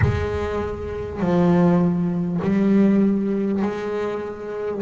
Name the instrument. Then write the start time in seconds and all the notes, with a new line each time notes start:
double bass
0.01 G#3
1.20 F3
2.42 G3
3.62 G#3